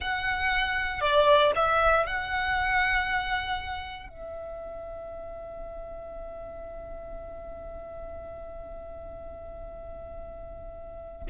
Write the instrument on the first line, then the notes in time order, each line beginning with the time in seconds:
violin
0.00 F#5
1.00 D5
1.55 E5
2.06 F#5
4.09 E5